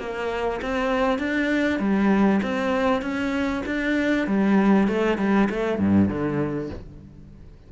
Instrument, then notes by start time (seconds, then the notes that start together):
cello
0.00 A#3
0.62 C4
1.19 D4
1.79 G3
2.43 C4
3.02 C#4
3.66 D4
4.27 G3
4.88 A3
5.18 G3
5.50 A3
5.79 G2
6.09 D3